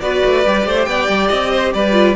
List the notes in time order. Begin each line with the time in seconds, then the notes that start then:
0.00 B3 F#4 B4 D5
0.25 A3
0.46 G3 G4
0.66 A3 C5
0.84 B3 D5 G5
1.08 G3
1.29 C4 D#5
1.51 C5
1.73 G3 B4 D5
1.92 F4